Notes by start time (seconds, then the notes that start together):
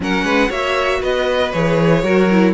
0.00 F#3 C#4 A#4 F#5
0.23 G#3 B4
0.48 A#3 F#4 C#5 E5
1.00 B3 B4 D#5
1.52 E3 G#4 C#5
2.03 F#3 F#4 A#4
2.30 E4